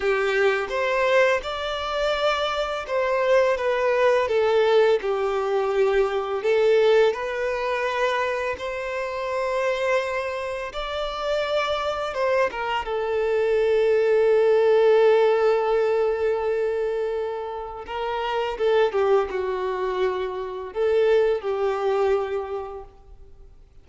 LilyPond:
\new Staff \with { instrumentName = "violin" } { \time 4/4 \tempo 4 = 84 g'4 c''4 d''2 | c''4 b'4 a'4 g'4~ | g'4 a'4 b'2 | c''2. d''4~ |
d''4 c''8 ais'8 a'2~ | a'1~ | a'4 ais'4 a'8 g'8 fis'4~ | fis'4 a'4 g'2 | }